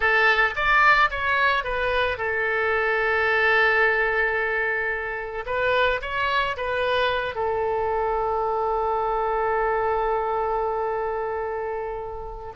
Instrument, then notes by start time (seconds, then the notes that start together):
oboe
0.00 A4
0.55 D5
1.10 C#5
1.64 B4
2.17 A4
5.46 B4
6.01 C#5
6.56 B4
7.35 A4